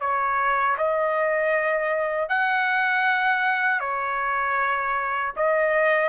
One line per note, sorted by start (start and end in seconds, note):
0.00 0.76 C#5
0.77 2.29 D#5
2.29 3.80 F#5
3.80 5.32 C#5
5.36 6.09 D#5